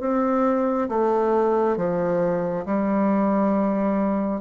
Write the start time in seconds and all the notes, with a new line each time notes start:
0.00 C4
0.89 A3
1.77 F3
2.66 G3